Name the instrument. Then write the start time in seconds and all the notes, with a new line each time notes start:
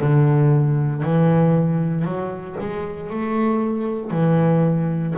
double bass
0.00 D3
1.03 E3
2.05 F#3
2.61 G#3
3.10 A3
4.11 E3